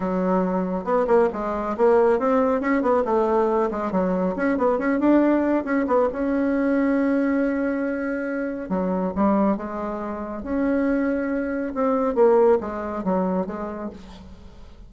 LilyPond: \new Staff \with { instrumentName = "bassoon" } { \time 4/4 \tempo 4 = 138 fis2 b8 ais8 gis4 | ais4 c'4 cis'8 b8 a4~ | a8 gis8 fis4 cis'8 b8 cis'8 d'8~ | d'4 cis'8 b8 cis'2~ |
cis'1 | fis4 g4 gis2 | cis'2. c'4 | ais4 gis4 fis4 gis4 | }